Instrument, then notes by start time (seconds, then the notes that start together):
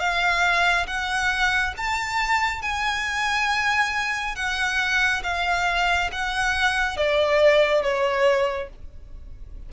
violin
0.00 F5
0.87 F#5
1.78 A5
2.63 G#5
4.36 F#5
5.24 F5
6.13 F#5
6.97 D5
7.83 C#5